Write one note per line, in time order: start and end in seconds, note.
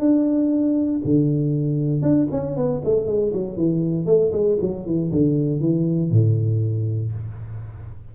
0.00 1.02 D4
1.05 2.02 D3
2.02 2.28 D4
2.32 2.57 C#4
2.57 2.82 B3
2.85 3.07 A3
3.07 3.33 G#3
3.34 3.57 F#3
3.57 4.07 E3
4.07 4.32 A3
4.33 4.58 G#3
4.62 4.86 F#3
4.86 5.12 E3
5.12 5.61 D3
5.61 6.11 E3
6.11 7.13 A2